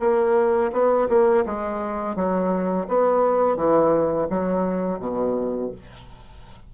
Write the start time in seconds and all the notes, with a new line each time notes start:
0.00 A#3
0.72 B3
1.09 A#3
1.46 G#3
2.16 F#3
2.88 B3
3.56 E3
4.30 F#3
4.99 B2